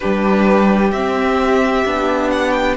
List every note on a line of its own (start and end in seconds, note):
0.00 0.92 G3
0.00 0.93 D4
0.00 2.76 G4
0.00 0.91 B4
0.92 1.84 C4
0.92 1.85 C4
0.92 2.30 E5
1.85 2.76 B3
1.85 2.76 D4
2.30 2.51 F#5
2.51 2.74 G5